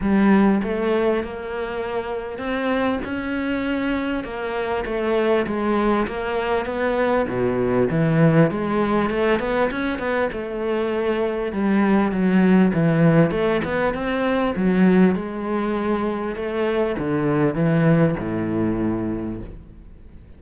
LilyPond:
\new Staff \with { instrumentName = "cello" } { \time 4/4 \tempo 4 = 99 g4 a4 ais2 | c'4 cis'2 ais4 | a4 gis4 ais4 b4 | b,4 e4 gis4 a8 b8 |
cis'8 b8 a2 g4 | fis4 e4 a8 b8 c'4 | fis4 gis2 a4 | d4 e4 a,2 | }